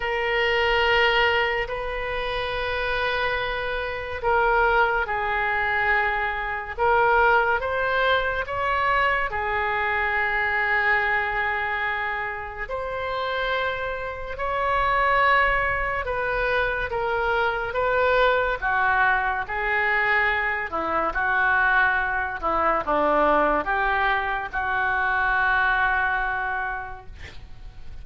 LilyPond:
\new Staff \with { instrumentName = "oboe" } { \time 4/4 \tempo 4 = 71 ais'2 b'2~ | b'4 ais'4 gis'2 | ais'4 c''4 cis''4 gis'4~ | gis'2. c''4~ |
c''4 cis''2 b'4 | ais'4 b'4 fis'4 gis'4~ | gis'8 e'8 fis'4. e'8 d'4 | g'4 fis'2. | }